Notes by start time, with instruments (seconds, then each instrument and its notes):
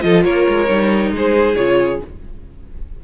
0.00 cello F3, viola F4, violin A4 D#5
0.24 cello A#3, violin A#4 C#5
0.48 cello G#3
0.68 cello G3, viola D#4
1.11 cello G#3, violin G#4 C5
1.55 cello C#3, viola F4, violin C#5